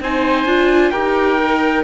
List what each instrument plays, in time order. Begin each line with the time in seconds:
0.00 cello C4, viola D#4, oboe C5, trumpet G#5
0.45 cello D4, viola F4
0.90 cello D#4, viola G4, oboe A#4, trumpet G5
1.39 viola A#4